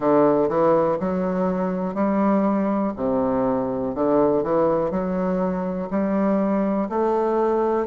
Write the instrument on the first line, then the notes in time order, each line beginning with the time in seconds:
bassoon
0.00 D3
0.48 E3
0.99 F#3
1.94 G3
2.96 C3
3.94 D3
4.43 E3
4.90 F#3
5.90 G3
6.89 A3